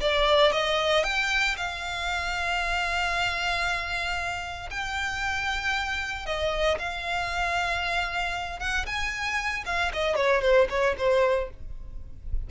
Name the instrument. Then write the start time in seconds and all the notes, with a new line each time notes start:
violin
0.00 D5
0.52 D#5
1.03 G5
1.56 F5
4.70 G5
6.26 D#5
6.78 F5
8.59 F#5
8.86 G#5
9.65 F5
9.93 D#5
10.15 C#5
10.41 C5
10.69 C#5
10.98 C5